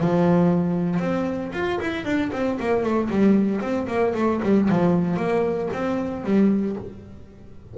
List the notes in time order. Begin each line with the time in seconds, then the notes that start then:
0.00 F3
1.00 C4
1.53 F4
1.80 E4
2.05 D4
2.32 C4
2.60 A#3
2.83 A3
3.10 G3
3.61 C4
3.88 A#3
4.15 A3
4.43 G3
4.70 F3
5.17 A#3
5.73 C4
6.24 G3